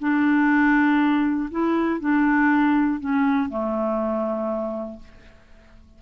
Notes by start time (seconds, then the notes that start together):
0.00 D4
1.51 E4
2.00 D4
3.00 C#4
3.50 A3